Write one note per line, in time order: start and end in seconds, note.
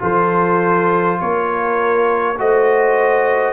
0.00 1.20 F3
0.00 2.35 F4
0.00 1.21 A4
0.00 1.21 C5
1.21 2.39 A#3
1.21 2.39 A#4
1.21 2.39 C#5
2.38 3.53 A3
2.38 3.53 F#4
2.38 3.53 C5
2.38 3.53 D#5